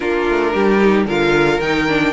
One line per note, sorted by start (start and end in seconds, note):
0.00 0.27 A#3
0.00 0.79 D4
0.00 0.52 F4
0.00 1.07 A#4
0.28 0.54 A3
0.54 1.06 G3
0.54 1.06 G4
0.79 1.06 D#4
1.06 1.59 D3
1.06 1.61 F4
1.06 2.13 A#4
1.06 1.60 F5
1.60 2.13 D#3
1.60 1.88 D#4
1.60 2.13 G5
1.88 2.13 D4